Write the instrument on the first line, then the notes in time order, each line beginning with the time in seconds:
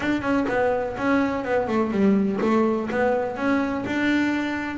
double bass
0.00 D4
0.21 C#4
0.48 B3
0.97 C#4
1.44 B3
1.67 A3
1.91 G3
2.41 A3
2.90 B3
3.36 C#4
3.86 D4